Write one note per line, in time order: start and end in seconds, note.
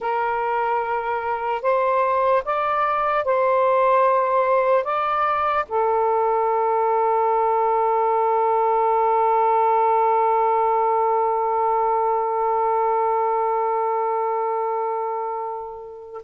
0.00 1.62 A#4
1.62 2.43 C5
2.45 3.24 D5
3.24 4.84 C5
4.84 5.65 D5
5.68 16.22 A4